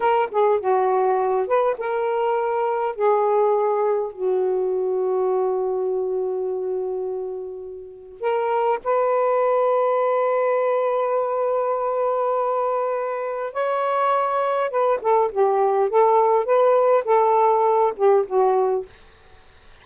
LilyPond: \new Staff \with { instrumentName = "saxophone" } { \time 4/4 \tempo 4 = 102 ais'8 gis'8 fis'4. b'8 ais'4~ | ais'4 gis'2 fis'4~ | fis'1~ | fis'2 ais'4 b'4~ |
b'1~ | b'2. cis''4~ | cis''4 b'8 a'8 g'4 a'4 | b'4 a'4. g'8 fis'4 | }